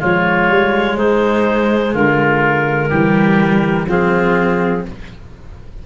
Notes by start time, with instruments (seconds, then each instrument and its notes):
0.00 tuba F3, cello G#3, oboe F4, clarinet C#5
0.50 tuba G3
0.97 tuba G#3, oboe D#4, clarinet C5
1.94 tuba D3, oboe F4, clarinet A#4
2.90 tuba E3, cello G3, oboe G4
3.86 tuba F3, cello C4, oboe F4, clarinet G#4